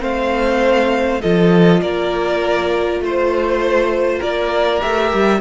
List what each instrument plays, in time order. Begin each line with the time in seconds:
0.00 cello A3, viola C4, violin C5 F5
1.21 cello F3, viola F4, violin A4 D#5
1.81 cello A#3, violin A#4 D5
3.00 cello A3, violin C5
4.19 cello A#3, violin A#4 D5
4.80 cello A3, viola G4, violin E5
5.13 cello G3